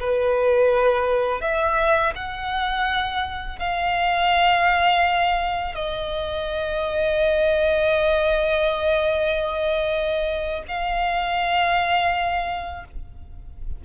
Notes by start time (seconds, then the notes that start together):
0.00 B4
1.41 E5
2.16 F#5
3.59 F5
5.75 D#5
10.68 F5